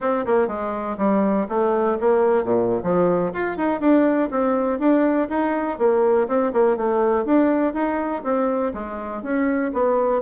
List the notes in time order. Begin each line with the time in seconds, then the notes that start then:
0.00 C4
0.25 A#3
0.47 G#3
0.97 G3
1.48 A3
2.00 A#3
2.44 A#2
2.83 F3
3.33 F4
3.57 D#4
3.80 D4
4.31 C4
4.79 D4
5.29 D#4
5.78 A#3
6.27 C4
6.52 A#3
6.76 A3
7.25 D4
7.73 D#4
8.23 C4
8.73 G#3
9.22 C#4
9.73 B3